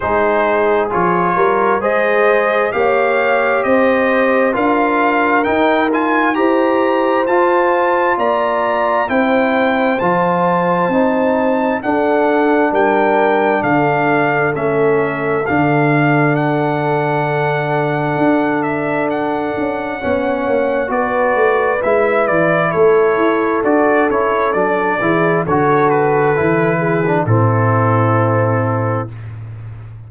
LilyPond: <<
  \new Staff \with { instrumentName = "trumpet" } { \time 4/4 \tempo 4 = 66 c''4 cis''4 dis''4 f''4 | dis''4 f''4 g''8 gis''8 ais''4 | a''4 ais''4 g''4 a''4~ | a''4 fis''4 g''4 f''4 |
e''4 f''4 fis''2~ | fis''8 e''8 fis''2 d''4 | e''8 d''8 cis''4 d''8 cis''8 d''4 | cis''8 b'4. a'2 | }
  \new Staff \with { instrumentName = "horn" } { \time 4/4 gis'4. ais'8 c''4 cis''4 | c''4 ais'2 c''4~ | c''4 d''4 c''2~ | c''4 a'4 ais'4 a'4~ |
a'1~ | a'2 cis''4 b'4~ | b'4 a'2~ a'8 gis'8 | a'4. gis'8 e'2 | }
  \new Staff \with { instrumentName = "trombone" } { \time 4/4 dis'4 f'4 gis'4 g'4~ | g'4 f'4 dis'8 f'8 g'4 | f'2 e'4 f'4 | dis'4 d'2. |
cis'4 d'2.~ | d'2 cis'4 fis'4 | e'2 fis'8 e'8 d'8 e'8 | fis'4 e'8. d'16 c'2 | }
  \new Staff \with { instrumentName = "tuba" } { \time 4/4 gis4 f8 g8 gis4 ais4 | c'4 d'4 dis'4 e'4 | f'4 ais4 c'4 f4 | c'4 d'4 g4 d4 |
a4 d2. | d'4. cis'8 b8 ais8 b8 a8 | gis8 e8 a8 e'8 d'8 cis'8 fis8 e8 | d4 e4 a,2 | }
>>